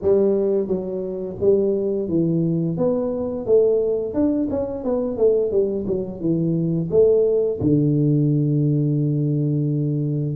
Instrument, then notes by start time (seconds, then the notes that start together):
tuba
0.02 G3
0.67 F#3
1.40 G3
2.08 E3
2.77 B3
3.45 A3
4.14 D4
4.50 C#4
4.84 B3
5.17 A3
5.51 G3
5.87 F#3
6.20 E3
6.90 A3
7.60 D3